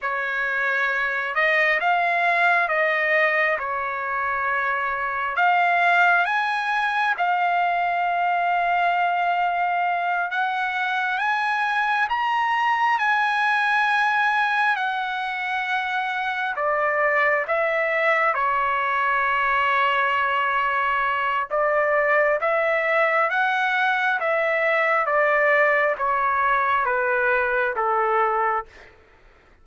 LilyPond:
\new Staff \with { instrumentName = "trumpet" } { \time 4/4 \tempo 4 = 67 cis''4. dis''8 f''4 dis''4 | cis''2 f''4 gis''4 | f''2.~ f''8 fis''8~ | fis''8 gis''4 ais''4 gis''4.~ |
gis''8 fis''2 d''4 e''8~ | e''8 cis''2.~ cis''8 | d''4 e''4 fis''4 e''4 | d''4 cis''4 b'4 a'4 | }